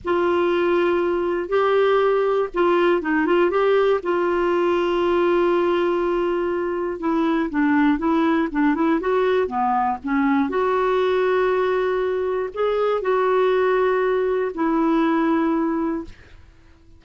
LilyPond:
\new Staff \with { instrumentName = "clarinet" } { \time 4/4 \tempo 4 = 120 f'2. g'4~ | g'4 f'4 dis'8 f'8 g'4 | f'1~ | f'2 e'4 d'4 |
e'4 d'8 e'8 fis'4 b4 | cis'4 fis'2.~ | fis'4 gis'4 fis'2~ | fis'4 e'2. | }